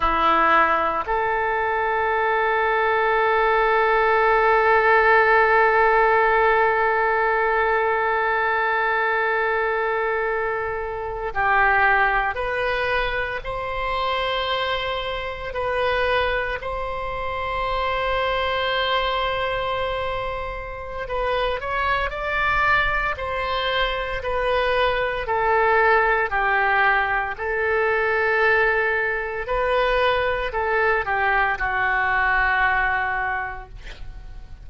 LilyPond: \new Staff \with { instrumentName = "oboe" } { \time 4/4 \tempo 4 = 57 e'4 a'2.~ | a'1~ | a'2~ a'8. g'4 b'16~ | b'8. c''2 b'4 c''16~ |
c''1 | b'8 cis''8 d''4 c''4 b'4 | a'4 g'4 a'2 | b'4 a'8 g'8 fis'2 | }